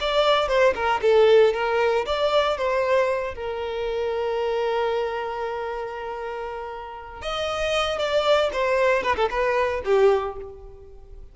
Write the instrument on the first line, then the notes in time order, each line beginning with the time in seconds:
violin
0.00 D5
0.48 C5
0.75 A#4
1.01 A4
1.53 A#4
2.05 D5
2.57 C5
3.34 A#4
7.21 D#5
7.98 D5
8.52 C5
9.03 B4
9.16 A4
9.30 B4
9.84 G4